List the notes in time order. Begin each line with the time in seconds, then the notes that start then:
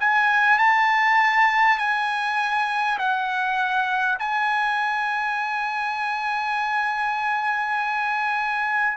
0.00 G#5
0.58 A5
1.78 G#5
2.98 F#5
4.19 G#5